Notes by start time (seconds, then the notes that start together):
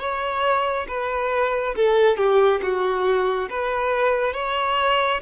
0.00 C#5
0.88 B4
1.76 A4
2.17 G4
2.62 F#4
3.50 B4
4.34 C#5